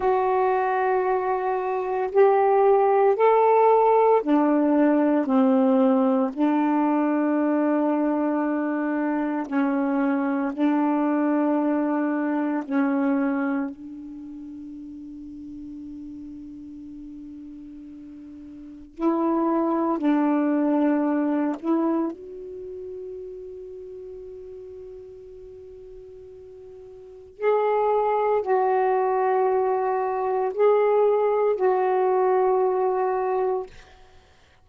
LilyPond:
\new Staff \with { instrumentName = "saxophone" } { \time 4/4 \tempo 4 = 57 fis'2 g'4 a'4 | d'4 c'4 d'2~ | d'4 cis'4 d'2 | cis'4 d'2.~ |
d'2 e'4 d'4~ | d'8 e'8 fis'2.~ | fis'2 gis'4 fis'4~ | fis'4 gis'4 fis'2 | }